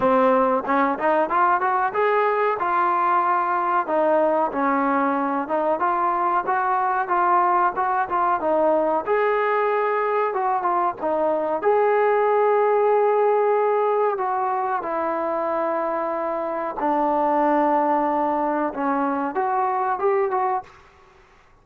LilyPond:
\new Staff \with { instrumentName = "trombone" } { \time 4/4 \tempo 4 = 93 c'4 cis'8 dis'8 f'8 fis'8 gis'4 | f'2 dis'4 cis'4~ | cis'8 dis'8 f'4 fis'4 f'4 | fis'8 f'8 dis'4 gis'2 |
fis'8 f'8 dis'4 gis'2~ | gis'2 fis'4 e'4~ | e'2 d'2~ | d'4 cis'4 fis'4 g'8 fis'8 | }